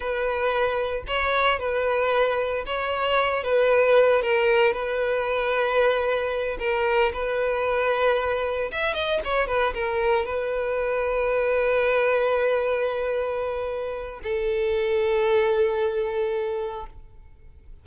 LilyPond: \new Staff \with { instrumentName = "violin" } { \time 4/4 \tempo 4 = 114 b'2 cis''4 b'4~ | b'4 cis''4. b'4. | ais'4 b'2.~ | b'8 ais'4 b'2~ b'8~ |
b'8 e''8 dis''8 cis''8 b'8 ais'4 b'8~ | b'1~ | b'2. a'4~ | a'1 | }